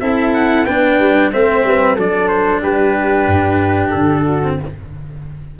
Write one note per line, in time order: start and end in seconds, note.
0.00 0.66 C4
0.00 0.67 E4
0.00 0.66 A4
0.00 0.33 E5
0.34 0.66 F#5
0.66 0.99 B3
0.66 1.33 D4
0.66 1.31 B4
0.66 1.31 G5
0.99 1.32 G3
1.33 1.64 A3
1.33 1.98 C4
1.33 1.66 C5
1.33 1.98 E5
1.64 1.97 G3
1.64 1.96 B4
1.96 2.62 F#3
1.96 4.43 D4
1.96 2.61 A4
1.96 2.28 D5
2.28 2.61 C5
2.62 3.27 G3
2.62 4.23 G4
2.62 3.91 B4
3.27 3.92 G2
3.91 4.60 D3
3.91 4.56 A4
4.23 4.56 F#4
4.43 4.60 C4